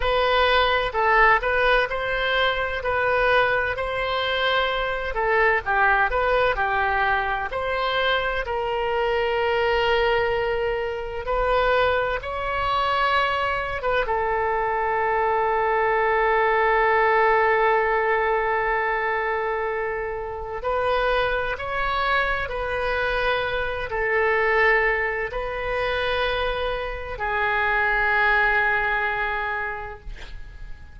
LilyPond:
\new Staff \with { instrumentName = "oboe" } { \time 4/4 \tempo 4 = 64 b'4 a'8 b'8 c''4 b'4 | c''4. a'8 g'8 b'8 g'4 | c''4 ais'2. | b'4 cis''4.~ cis''16 b'16 a'4~ |
a'1~ | a'2 b'4 cis''4 | b'4. a'4. b'4~ | b'4 gis'2. | }